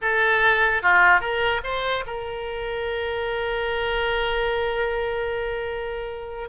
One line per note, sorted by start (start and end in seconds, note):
0.01 0.82 A4
0.82 1.20 F4
1.20 1.61 A#4
1.63 2.04 C5
2.06 6.49 A#4